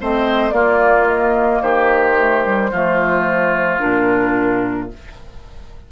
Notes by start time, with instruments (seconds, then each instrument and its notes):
0.00 bassoon A3, clarinet C4, oboe C5, flute D#5
0.50 clarinet A#3, bassoon A#3, oboe F4, flute D5
1.07 flute D#5
1.61 bassoon D#3, oboe G4, flute C5
2.18 clarinet A3
2.44 clarinet G3
2.71 bassoon F3, clarinet A3, oboe F4
3.78 bassoon A#2, clarinet D4, flute A#4